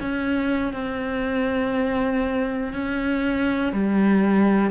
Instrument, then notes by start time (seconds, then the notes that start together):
cello
0.00 C#4
0.73 C4
2.73 C#4
3.72 G3